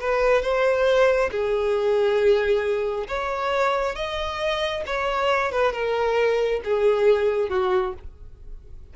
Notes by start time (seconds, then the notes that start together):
0.00 B4
0.42 C5
1.31 G#4
3.08 C#5
3.95 D#5
4.86 C#5
5.52 B4
5.73 A#4
6.64 G#4
7.49 F#4